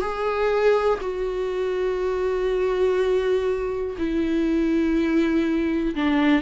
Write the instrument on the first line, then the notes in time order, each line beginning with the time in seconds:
viola
0.00 G#4
1.01 F#4
3.98 E4
5.95 D4